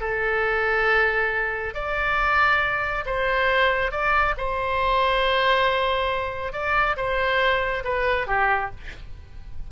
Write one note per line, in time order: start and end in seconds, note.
0.00 1.74 A4
1.74 3.04 D5
3.06 3.91 C5
3.91 4.34 D5
4.37 6.52 C5
6.52 6.96 D5
6.96 7.83 C5
7.84 8.27 B4
8.27 8.70 G4